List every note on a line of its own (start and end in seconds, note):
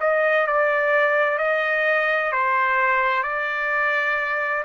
0.00 0.47 D#5
0.47 1.38 D5
1.38 2.32 D#5
2.32 3.23 C5
3.23 4.64 D5